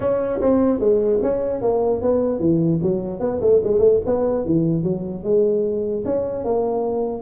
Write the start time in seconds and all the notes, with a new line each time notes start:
0.00 C#4
0.40 C4
0.79 G#3
1.22 C#4
1.61 A#3
2.01 B3
2.39 E3
2.82 F#3
3.20 B3
3.41 A3
3.63 G#3
3.79 A3
4.06 B3
4.45 E3
4.83 F#3
5.23 G#3
6.05 C#4
6.44 A#3